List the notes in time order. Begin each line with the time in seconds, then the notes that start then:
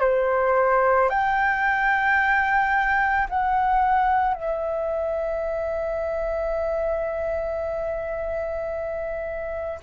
0.00 C5
1.09 G5
3.29 F#5
4.34 E5